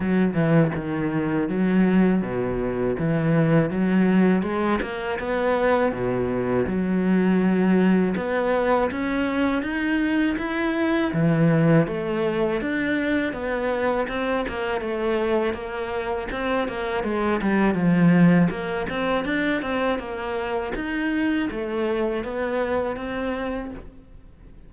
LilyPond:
\new Staff \with { instrumentName = "cello" } { \time 4/4 \tempo 4 = 81 fis8 e8 dis4 fis4 b,4 | e4 fis4 gis8 ais8 b4 | b,4 fis2 b4 | cis'4 dis'4 e'4 e4 |
a4 d'4 b4 c'8 ais8 | a4 ais4 c'8 ais8 gis8 g8 | f4 ais8 c'8 d'8 c'8 ais4 | dis'4 a4 b4 c'4 | }